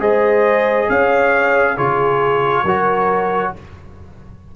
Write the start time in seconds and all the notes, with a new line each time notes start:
0.00 G#3 G#4 C5 D#5
0.89 C#4 C#5 F5
1.75 C#3 F4 G#4 C#5
2.64 F#3 F#4 A#4